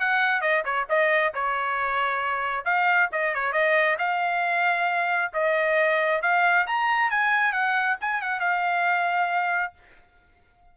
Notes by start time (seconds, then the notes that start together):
0.00 F#5
0.42 D#5
0.65 C#5
0.89 D#5
1.34 C#5
2.65 F5
3.12 D#5
3.35 C#5
3.53 D#5
3.99 F5
5.34 D#5
6.22 F5
6.67 A#5
7.11 G#5
7.53 F#5
8.01 G#5
8.22 F#5
8.40 F5